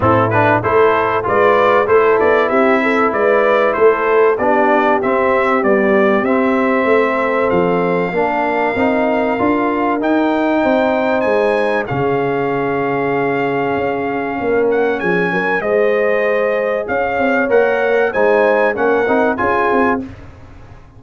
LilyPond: <<
  \new Staff \with { instrumentName = "trumpet" } { \time 4/4 \tempo 4 = 96 a'8 b'8 c''4 d''4 c''8 d''8 | e''4 d''4 c''4 d''4 | e''4 d''4 e''2 | f''1 |
g''2 gis''4 f''4~ | f''2.~ f''8 fis''8 | gis''4 dis''2 f''4 | fis''4 gis''4 fis''4 gis''4 | }
  \new Staff \with { instrumentName = "horn" } { \time 4/4 e'4 a'4 b'4 a'4 | g'8 a'8 b'4 a'4 g'4~ | g'2. a'4~ | a'4 ais'2.~ |
ais'4 c''2 gis'4~ | gis'2. ais'4 | gis'8 ais'8 c''2 cis''4~ | cis''4 c''4 ais'4 gis'4 | }
  \new Staff \with { instrumentName = "trombone" } { \time 4/4 c'8 d'8 e'4 f'4 e'4~ | e'2. d'4 | c'4 g4 c'2~ | c'4 d'4 dis'4 f'4 |
dis'2. cis'4~ | cis'1~ | cis'4 gis'2. | ais'4 dis'4 cis'8 dis'8 f'4 | }
  \new Staff \with { instrumentName = "tuba" } { \time 4/4 a,4 a4 gis4 a8 b8 | c'4 gis4 a4 b4 | c'4 b4 c'4 a4 | f4 ais4 c'4 d'4 |
dis'4 c'4 gis4 cis4~ | cis2 cis'4 ais4 | f8 fis8 gis2 cis'8 c'8 | ais4 gis4 ais8 c'8 cis'8 c'8 | }
>>